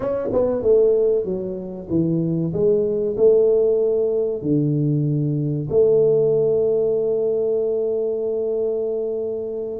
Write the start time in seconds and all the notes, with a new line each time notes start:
0.00 C#4
0.32 B3
0.62 A3
1.24 F#3
1.89 E3
2.53 G#3
3.16 A3
4.42 D3
5.69 A3